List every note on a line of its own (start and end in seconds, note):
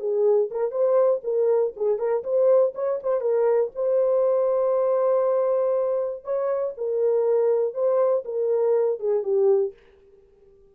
0.00 0.50 G#4
0.51 0.72 A#4
0.72 1.22 C5
1.24 1.74 A#4
1.77 1.99 G#4
1.99 2.24 A#4
2.24 2.74 C5
2.75 3.00 C#5
3.03 3.21 C5
3.21 3.71 A#4
3.76 6.25 C5
6.25 6.75 C#5
6.78 7.74 A#4
7.74 8.24 C5
8.25 9.00 A#4
9.00 9.23 G#4
9.23 9.73 G4